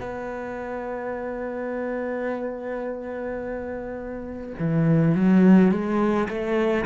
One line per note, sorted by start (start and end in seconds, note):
0.00 4.53 B3
4.59 5.15 E3
5.15 5.71 F#3
5.71 6.28 G#3
6.29 6.85 A3